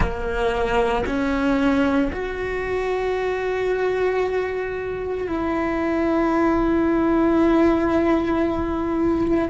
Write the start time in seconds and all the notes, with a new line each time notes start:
0.00 A#3
1.06 C#4
2.12 F#4
5.27 E4